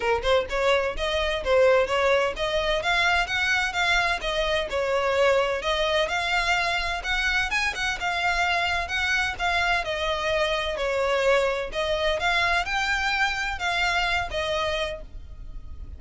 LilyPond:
\new Staff \with { instrumentName = "violin" } { \time 4/4 \tempo 4 = 128 ais'8 c''8 cis''4 dis''4 c''4 | cis''4 dis''4 f''4 fis''4 | f''4 dis''4 cis''2 | dis''4 f''2 fis''4 |
gis''8 fis''8 f''2 fis''4 | f''4 dis''2 cis''4~ | cis''4 dis''4 f''4 g''4~ | g''4 f''4. dis''4. | }